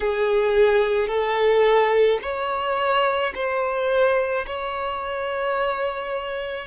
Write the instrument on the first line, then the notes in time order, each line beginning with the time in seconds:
violin
0.00 G#4
1.08 A4
2.22 C#5
3.34 C5
4.46 C#5